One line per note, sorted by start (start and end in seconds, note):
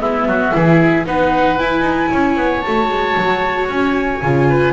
0.00 0.26 G#3
0.00 0.52 B3
0.00 0.28 E4
0.00 1.05 E5
0.26 0.52 F#3
0.26 0.54 F#4
0.52 1.06 E3
0.52 1.05 E4
0.52 1.07 G#4
1.05 1.59 B3
1.05 1.58 D#4
1.05 2.11 B4
1.05 1.58 F#5
1.58 2.63 E4
1.58 1.81 E4
1.58 2.61 G#5
1.81 2.07 D#4
2.11 2.36 C#4
2.11 4.48 C#5
2.36 2.62 B3
2.61 4.23 F#4
2.61 3.66 A5
2.67 2.89 A3
2.89 3.16 G#3
3.17 3.68 F#3
3.68 4.21 C#4
3.68 4.73 G#5
4.22 4.73 C#3
4.22 4.73 F4
4.49 4.73 B4